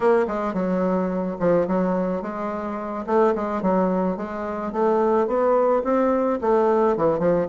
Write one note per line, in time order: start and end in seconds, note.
0.00 0.26 A#3
0.27 0.53 G#3
0.53 1.36 F#3
1.39 1.67 F3
1.67 2.21 F#3
2.21 3.05 G#3
3.06 3.34 A3
3.35 3.62 G#3
3.62 4.16 F#3
4.16 4.72 G#3
4.72 5.27 A3
5.27 5.83 B3
5.83 6.39 C4
6.41 6.96 A3
6.96 7.19 E3
7.19 7.46 F3